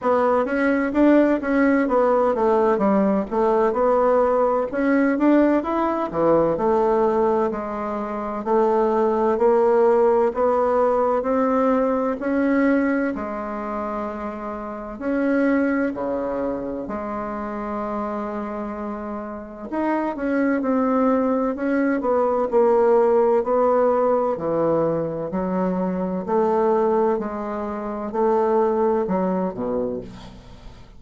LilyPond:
\new Staff \with { instrumentName = "bassoon" } { \time 4/4 \tempo 4 = 64 b8 cis'8 d'8 cis'8 b8 a8 g8 a8 | b4 cis'8 d'8 e'8 e8 a4 | gis4 a4 ais4 b4 | c'4 cis'4 gis2 |
cis'4 cis4 gis2~ | gis4 dis'8 cis'8 c'4 cis'8 b8 | ais4 b4 e4 fis4 | a4 gis4 a4 fis8 b,8 | }